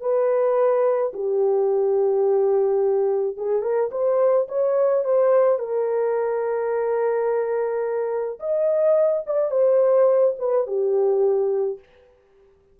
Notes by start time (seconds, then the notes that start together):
0.00 B4
1.13 G4
3.36 G#4
3.62 A#4
3.91 C5
4.48 C#5
5.04 C5
5.59 A#4
8.39 D#5
9.26 D5
9.51 C5
10.39 B4
10.67 G4